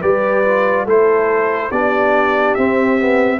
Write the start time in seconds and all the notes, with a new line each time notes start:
0.00 G3 G4 B4 D5
0.44 F4
0.85 A3 E4 A4 C5
1.71 B3 D4 G4 D5
2.54 C4 E5
2.99 B3